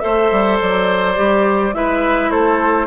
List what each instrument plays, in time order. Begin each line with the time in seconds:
0.00 bassoon A3, clarinet A4, oboe C5, flute E5
0.32 bassoon G3
0.61 bassoon F#3, flute D5
1.16 bassoon G3, clarinet G4
1.74 bassoon G#3, clarinet E4, oboe B4, flute E5
2.31 bassoon A3, oboe A4, flute C5